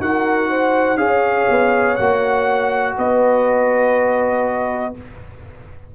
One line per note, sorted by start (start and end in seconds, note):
0.00 0.97 D#4
0.00 0.98 F#4
0.00 0.50 A#4
0.00 0.98 F#5
0.50 0.99 C5
0.97 1.46 C#4
0.97 1.96 G#4
0.97 2.96 C#5
0.97 1.96 F5
1.49 1.98 B3
1.96 2.97 A#3
1.96 4.94 F#4
1.96 2.94 F#5
2.98 4.95 B3
2.98 4.95 B4
2.98 4.95 D#5